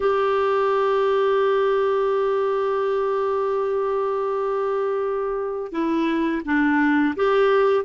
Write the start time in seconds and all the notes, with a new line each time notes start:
0.00 G4
5.72 E4
6.45 D4
7.15 G4